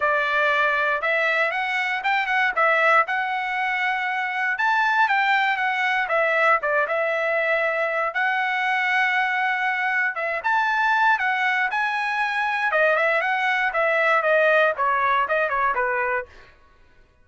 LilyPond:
\new Staff \with { instrumentName = "trumpet" } { \time 4/4 \tempo 4 = 118 d''2 e''4 fis''4 | g''8 fis''8 e''4 fis''2~ | fis''4 a''4 g''4 fis''4 | e''4 d''8 e''2~ e''8 |
fis''1 | e''8 a''4. fis''4 gis''4~ | gis''4 dis''8 e''8 fis''4 e''4 | dis''4 cis''4 dis''8 cis''8 b'4 | }